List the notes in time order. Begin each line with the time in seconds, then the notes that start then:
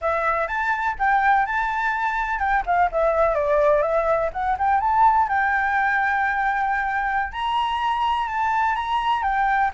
0.01 E5
0.47 A5
0.99 G5
1.46 A5
2.39 G5
2.66 F5
2.91 E5
3.35 D5
3.82 E5
4.32 F#5
4.58 G5
4.80 A5
5.28 G5
7.32 A#5
8.28 A5
8.75 A#5
9.22 G5